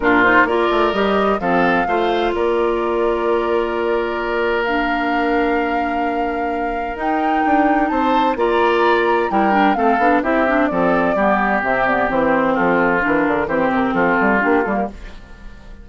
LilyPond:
<<
  \new Staff \with { instrumentName = "flute" } { \time 4/4 \tempo 4 = 129 ais'8 c''8 d''4 dis''4 f''4~ | f''4 d''2.~ | d''2 f''2~ | f''2. g''4~ |
g''4 a''4 ais''2 | g''4 f''4 e''4 d''4~ | d''4 e''8 d''8 c''4 a'4 | ais'4 c''8 ais'8 a'4 g'8 a'16 ais'16 | }
  \new Staff \with { instrumentName = "oboe" } { \time 4/4 f'4 ais'2 a'4 | c''4 ais'2.~ | ais'1~ | ais'1~ |
ais'4 c''4 d''2 | ais'4 a'4 g'4 a'4 | g'2. f'4~ | f'4 g'4 f'2 | }
  \new Staff \with { instrumentName = "clarinet" } { \time 4/4 d'8 dis'8 f'4 g'4 c'4 | f'1~ | f'2 d'2~ | d'2. dis'4~ |
dis'2 f'2 | e'8 d'8 c'8 d'8 e'8 d'8 c'4 | b4 c'8 b8 c'2 | d'4 c'2 d'8 ais8 | }
  \new Staff \with { instrumentName = "bassoon" } { \time 4/4 ais,4 ais8 a8 g4 f4 | a4 ais2.~ | ais1~ | ais2. dis'4 |
d'4 c'4 ais2 | g4 a8 b8 c'4 f4 | g4 c4 e4 f4 | e8 d8 e8 c8 f8 g8 ais8 g8 | }
>>